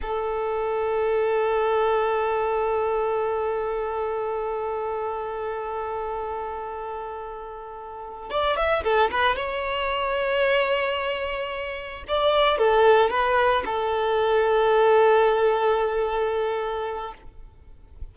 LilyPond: \new Staff \with { instrumentName = "violin" } { \time 4/4 \tempo 4 = 112 a'1~ | a'1~ | a'1~ | a'2.~ a'8 d''8 |
e''8 a'8 b'8 cis''2~ cis''8~ | cis''2~ cis''8 d''4 a'8~ | a'8 b'4 a'2~ a'8~ | a'1 | }